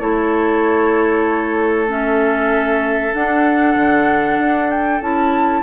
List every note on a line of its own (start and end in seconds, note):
0.00 3.13 A3
0.00 1.88 E4
0.00 5.63 A4
0.00 1.88 C#5
1.88 3.12 C#4
1.88 3.14 E5
3.14 5.02 D4
3.14 3.76 D4
3.14 4.70 F#5
3.76 4.39 D3
4.39 5.01 D4
4.70 5.02 G5
5.01 5.63 C#4
5.01 5.63 E4
5.01 5.63 A5